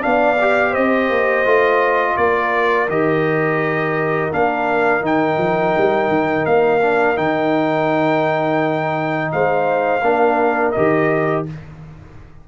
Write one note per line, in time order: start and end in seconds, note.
0.00 0.77 B3
0.00 0.36 D4
0.00 0.71 D5
0.00 0.74 F5
0.41 1.45 G4
0.71 1.09 C4
0.71 2.14 C5
0.71 2.17 D#5
1.09 1.45 A#3
1.45 2.16 A3
1.45 2.88 F4
2.17 2.88 A#3
2.17 9.32 A#4
2.17 2.88 D5
2.88 4.31 D#3
2.88 4.31 G4
2.88 4.32 D#5
4.31 5.01 A#3
4.31 5.01 D4
4.31 5.04 F5
5.01 5.36 D#3
5.01 6.80 D#4
5.01 6.45 G5
5.37 5.73 F3
5.77 6.08 G3
6.08 6.44 D#3
6.45 7.17 A#3
6.45 7.17 F5
6.81 7.15 D4
7.15 9.32 D#3
7.15 10.01 D#4
7.15 9.31 G5
9.32 10.02 G#3
9.32 10.04 C5
9.32 10.71 F5
10.02 10.73 A#3
10.02 10.74 D4
10.02 11.47 A#4
10.71 11.48 D#3
10.71 11.46 G4
10.71 11.43 D#5